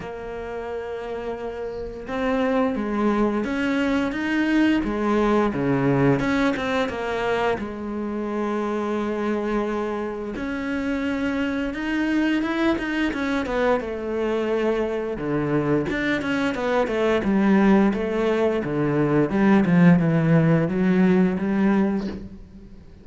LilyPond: \new Staff \with { instrumentName = "cello" } { \time 4/4 \tempo 4 = 87 ais2. c'4 | gis4 cis'4 dis'4 gis4 | cis4 cis'8 c'8 ais4 gis4~ | gis2. cis'4~ |
cis'4 dis'4 e'8 dis'8 cis'8 b8 | a2 d4 d'8 cis'8 | b8 a8 g4 a4 d4 | g8 f8 e4 fis4 g4 | }